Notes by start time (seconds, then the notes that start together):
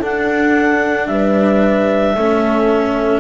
0.00 D4 A4 F#5
1.08 G3 B4 E5
2.15 A3 C#4 A4